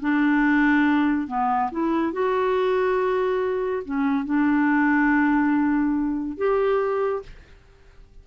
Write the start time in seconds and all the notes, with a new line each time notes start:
0.00 D4
1.27 B3
1.71 E4
2.13 F#4
3.85 C#4
4.25 D4
6.37 G4